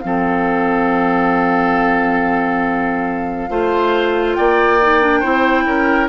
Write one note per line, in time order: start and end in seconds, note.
0.00 3.50 F3
0.00 3.50 C4
0.00 4.34 F5
0.06 3.50 A4
3.50 4.37 A3
3.50 4.80 F4
3.50 4.37 C5
4.34 5.24 A#3
4.34 5.20 D5
4.34 6.08 G5
4.82 5.02 D#4
5.02 5.23 D4
5.20 5.65 C4
5.20 6.09 E4
5.20 5.64 C5
5.65 6.09 C#4
5.65 6.09 A#4